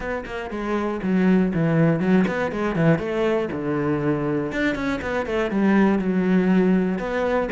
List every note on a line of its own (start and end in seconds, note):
0.00 0.24 B3
0.25 0.50 A#3
0.50 1.00 G#3
1.02 1.52 F#3
1.54 2.00 E3
2.00 2.25 F#3
2.27 2.51 B3
2.51 2.75 G#3
2.75 2.99 E3
2.99 3.49 A3
3.52 4.52 D3
4.52 4.75 D4
4.75 5.00 C#4
5.01 5.25 B3
5.25 5.50 A3
5.50 5.98 G3
5.98 6.98 F#3
6.98 7.48 B3